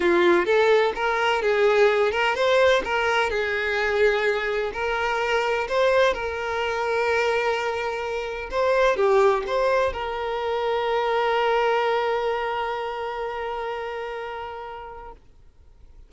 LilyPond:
\new Staff \with { instrumentName = "violin" } { \time 4/4 \tempo 4 = 127 f'4 a'4 ais'4 gis'4~ | gis'8 ais'8 c''4 ais'4 gis'4~ | gis'2 ais'2 | c''4 ais'2.~ |
ais'2 c''4 g'4 | c''4 ais'2.~ | ais'1~ | ais'1 | }